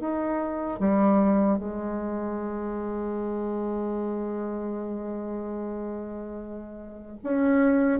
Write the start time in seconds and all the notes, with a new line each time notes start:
0.00 D#4
0.80 G3
1.59 G#3
7.24 C#4